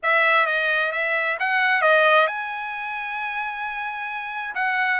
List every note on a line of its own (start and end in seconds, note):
0.02 0.46 E5
0.46 0.92 D#5
0.92 1.37 E5
1.39 1.81 F#5
1.81 2.27 D#5
2.27 4.54 G#5
4.54 5.00 F#5